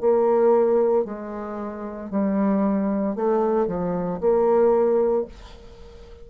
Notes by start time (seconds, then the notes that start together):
0.00 A#3
1.05 G#3
2.10 G3
3.15 A3
3.67 F3
4.21 A#3